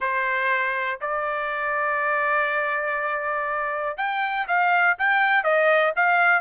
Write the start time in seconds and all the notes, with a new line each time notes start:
0.00 C5
1.00 D5
3.97 G5
4.47 F5
4.98 G5
5.43 D#5
5.95 F5